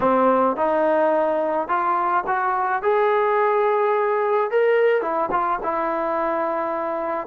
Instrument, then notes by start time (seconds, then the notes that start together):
trombone
0.00 C4
0.56 D#4
1.67 F4
2.26 F#4
2.82 G#4
4.50 A#4
5.01 E4
5.31 F4
5.63 E4